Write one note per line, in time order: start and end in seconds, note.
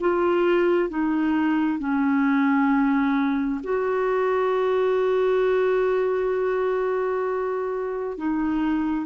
0.00 0.89 F4
0.89 1.79 D#4
1.79 3.61 C#4
3.63 8.17 F#4
8.17 9.06 D#4